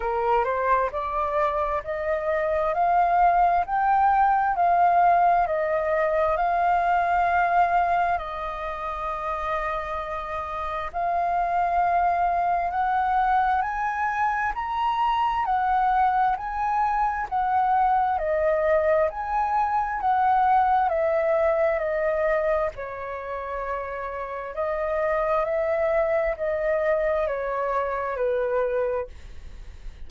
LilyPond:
\new Staff \with { instrumentName = "flute" } { \time 4/4 \tempo 4 = 66 ais'8 c''8 d''4 dis''4 f''4 | g''4 f''4 dis''4 f''4~ | f''4 dis''2. | f''2 fis''4 gis''4 |
ais''4 fis''4 gis''4 fis''4 | dis''4 gis''4 fis''4 e''4 | dis''4 cis''2 dis''4 | e''4 dis''4 cis''4 b'4 | }